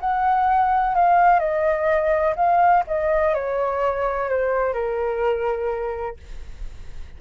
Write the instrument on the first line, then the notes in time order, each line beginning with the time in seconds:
flute
0.00 F#5
0.95 F5
1.39 D#5
2.36 F5
2.87 D#5
3.34 C#5
4.29 C5
4.74 A#4